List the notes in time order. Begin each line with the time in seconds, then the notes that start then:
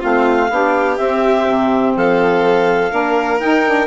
0.00 A3 C4 F4 F5
0.50 B3 D4 G4
0.97 C4 E5
1.47 C3
1.96 F3 A4 F5
2.90 A#3 D4 A#4
3.39 D#4 G5
3.65 D4